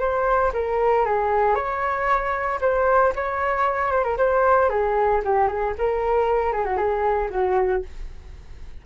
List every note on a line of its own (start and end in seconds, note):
0.00 0.52 C5
0.54 1.06 A#4
1.06 1.55 G#4
1.55 2.60 C#5
2.61 3.14 C5
3.16 3.92 C#5
3.92 4.04 C5
4.04 4.17 A#4
4.18 4.70 C5
4.70 5.22 G#4
5.25 5.48 G4
5.48 5.74 G#4
5.78 6.53 A#4
6.53 6.65 G#4
6.65 6.77 F#4
6.77 7.29 G#4
7.30 7.83 F#4